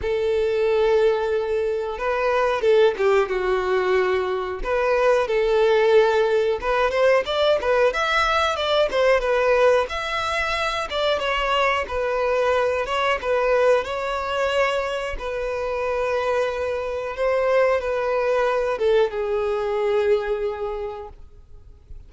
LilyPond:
\new Staff \with { instrumentName = "violin" } { \time 4/4 \tempo 4 = 91 a'2. b'4 | a'8 g'8 fis'2 b'4 | a'2 b'8 c''8 d''8 b'8 | e''4 d''8 c''8 b'4 e''4~ |
e''8 d''8 cis''4 b'4. cis''8 | b'4 cis''2 b'4~ | b'2 c''4 b'4~ | b'8 a'8 gis'2. | }